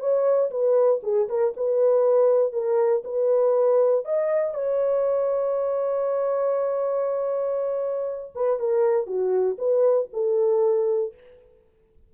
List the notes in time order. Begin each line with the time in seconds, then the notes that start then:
0.00 C#5
0.51 B4
1.03 G#4
1.29 A#4
1.57 B4
2.53 A#4
3.05 B4
4.05 D#5
4.54 C#5
8.35 B4
8.60 A#4
9.07 F#4
9.58 B4
10.13 A4